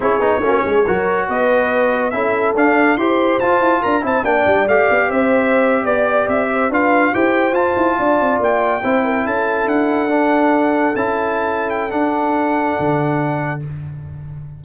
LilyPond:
<<
  \new Staff \with { instrumentName = "trumpet" } { \time 4/4 \tempo 4 = 141 cis''2. dis''4~ | dis''4 e''4 f''4 c'''4 | a''4 ais''8 a''8 g''4 f''4 | e''4.~ e''16 d''4 e''4 f''16~ |
f''8. g''4 a''2 g''16~ | g''4.~ g''16 a''4 fis''4~ fis''16~ | fis''4.~ fis''16 a''4.~ a''16 g''8 | fis''1 | }
  \new Staff \with { instrumentName = "horn" } { \time 4/4 gis'4 fis'8 gis'8 ais'4 b'4~ | b'4 a'2 c''4~ | c''4 ais'8 c''8 d''2 | c''4.~ c''16 d''4. c''8 b'16~ |
b'8. c''2 d''4~ d''16~ | d''8. c''8 ais'8 a'2~ a'16~ | a'1~ | a'1 | }
  \new Staff \with { instrumentName = "trombone" } { \time 4/4 e'8 dis'8 cis'4 fis'2~ | fis'4 e'4 d'4 g'4 | f'4. e'8 d'4 g'4~ | g'2.~ g'8. f'16~ |
f'8. g'4 f'2~ f'16~ | f'8. e'2. d'16~ | d'4.~ d'16 e'2~ e'16 | d'1 | }
  \new Staff \with { instrumentName = "tuba" } { \time 4/4 cis'8 b8 ais8 gis8 fis4 b4~ | b4 cis'4 d'4 e'4 | f'8 e'8 d'8 c'8 ais8 g8 a8 b8 | c'4.~ c'16 b4 c'4 d'16~ |
d'8. e'4 f'8 e'8 d'8 c'8 ais16~ | ais8. c'4 cis'4 d'4~ d'16~ | d'4.~ d'16 cis'2~ cis'16 | d'2 d2 | }
>>